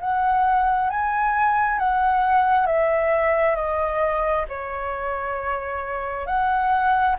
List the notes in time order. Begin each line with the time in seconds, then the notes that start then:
0.00 F#5
0.90 G#5
1.79 F#5
2.66 E5
3.55 D#5
4.48 C#5
6.26 F#5